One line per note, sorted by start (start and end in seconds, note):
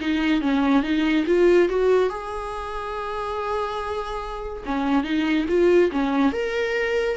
0.00 0.42 D#4
0.42 0.83 C#4
0.83 1.26 D#4
1.27 1.69 F4
1.69 2.10 F#4
2.10 4.64 G#4
4.66 5.04 C#4
5.04 5.46 D#4
5.49 5.91 F4
5.92 6.33 C#4
6.33 7.17 A#4